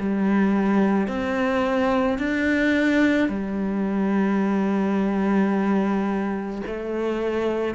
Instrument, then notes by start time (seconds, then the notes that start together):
cello
0.00 G3
1.08 C4
2.19 D4
3.29 G3
6.67 A3